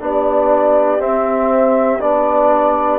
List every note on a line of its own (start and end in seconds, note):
0.00 0.98 B3
0.00 0.99 D4
0.00 2.98 G4
0.00 1.01 D5
0.98 1.98 C4
0.98 1.99 C4
0.98 2.00 E5
2.00 2.98 B3
2.00 2.98 D4
2.00 2.98 D5